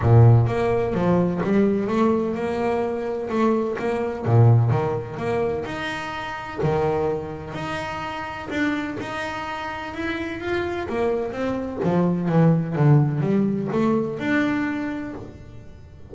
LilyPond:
\new Staff \with { instrumentName = "double bass" } { \time 4/4 \tempo 4 = 127 ais,4 ais4 f4 g4 | a4 ais2 a4 | ais4 ais,4 dis4 ais4 | dis'2 dis2 |
dis'2 d'4 dis'4~ | dis'4 e'4 f'4 ais4 | c'4 f4 e4 d4 | g4 a4 d'2 | }